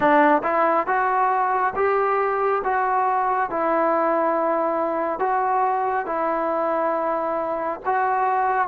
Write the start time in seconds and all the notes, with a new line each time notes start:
0.00 D4
0.43 E4
0.87 F#4
1.75 G4
2.63 F#4
3.50 E4
5.19 F#4
6.06 E4
7.85 F#4